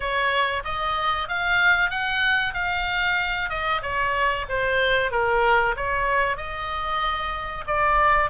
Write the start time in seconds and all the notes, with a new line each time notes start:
0.00 C#5
0.64 D#5
1.28 F5
1.90 F#5
2.54 F5
3.49 D#5
3.82 C#5
4.49 C5
5.11 A#4
5.76 C#5
6.36 D#5
7.66 D5